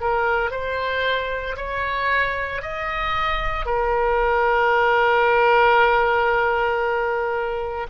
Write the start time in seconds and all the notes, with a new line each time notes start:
0.00 A#4
0.50 C5
1.56 C#5
2.62 D#5
3.66 A#4